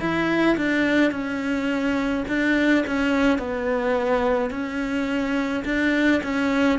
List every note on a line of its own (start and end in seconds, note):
0.00 0.57 E4
0.57 1.11 D4
1.11 2.24 C#4
2.28 2.85 D4
2.87 3.38 C#4
3.38 4.50 B3
4.50 5.63 C#4
5.64 6.21 D4
6.23 6.79 C#4